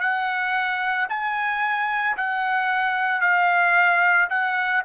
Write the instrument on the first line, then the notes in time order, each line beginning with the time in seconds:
trumpet
0.00 F#5
1.09 G#5
2.17 F#5
3.21 F5
4.29 F#5